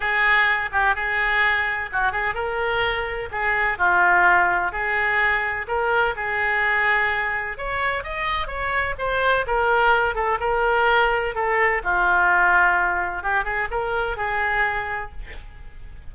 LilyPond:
\new Staff \with { instrumentName = "oboe" } { \time 4/4 \tempo 4 = 127 gis'4. g'8 gis'2 | fis'8 gis'8 ais'2 gis'4 | f'2 gis'2 | ais'4 gis'2. |
cis''4 dis''4 cis''4 c''4 | ais'4. a'8 ais'2 | a'4 f'2. | g'8 gis'8 ais'4 gis'2 | }